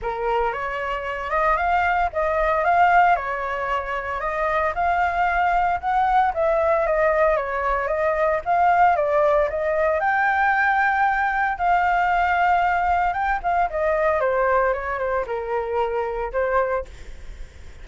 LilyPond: \new Staff \with { instrumentName = "flute" } { \time 4/4 \tempo 4 = 114 ais'4 cis''4. dis''8 f''4 | dis''4 f''4 cis''2 | dis''4 f''2 fis''4 | e''4 dis''4 cis''4 dis''4 |
f''4 d''4 dis''4 g''4~ | g''2 f''2~ | f''4 g''8 f''8 dis''4 c''4 | cis''8 c''8 ais'2 c''4 | }